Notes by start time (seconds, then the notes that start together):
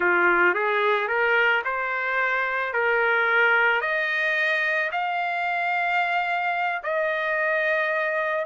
0.00 F4
0.54 G#4
1.08 A#4
1.64 C5
2.73 A#4
3.81 D#5
4.91 F5
6.83 D#5